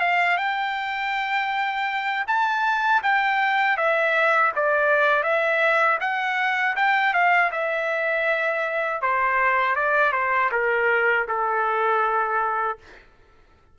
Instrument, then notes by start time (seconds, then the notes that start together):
trumpet
0.00 F5
0.37 G5
2.27 A5
3.03 G5
3.77 E5
4.55 D5
5.23 E5
6.00 F#5
6.76 G5
7.14 F5
7.51 E5
9.02 C5
9.76 D5
10.12 C5
10.52 A#4
11.28 A4